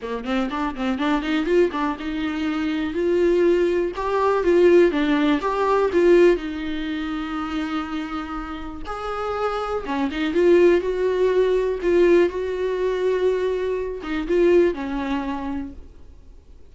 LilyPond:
\new Staff \with { instrumentName = "viola" } { \time 4/4 \tempo 4 = 122 ais8 c'8 d'8 c'8 d'8 dis'8 f'8 d'8 | dis'2 f'2 | g'4 f'4 d'4 g'4 | f'4 dis'2.~ |
dis'2 gis'2 | cis'8 dis'8 f'4 fis'2 | f'4 fis'2.~ | fis'8 dis'8 f'4 cis'2 | }